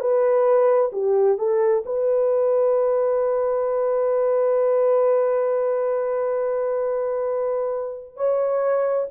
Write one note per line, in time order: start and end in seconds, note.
0.00 0.91 B4
0.93 1.38 G4
1.38 1.84 A4
1.86 8.17 B4
8.17 9.08 C#5